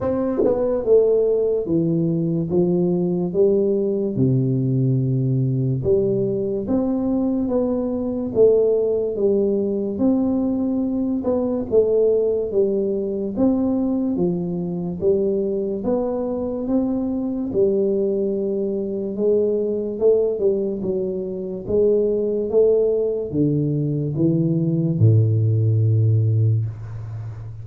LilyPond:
\new Staff \with { instrumentName = "tuba" } { \time 4/4 \tempo 4 = 72 c'8 b8 a4 e4 f4 | g4 c2 g4 | c'4 b4 a4 g4 | c'4. b8 a4 g4 |
c'4 f4 g4 b4 | c'4 g2 gis4 | a8 g8 fis4 gis4 a4 | d4 e4 a,2 | }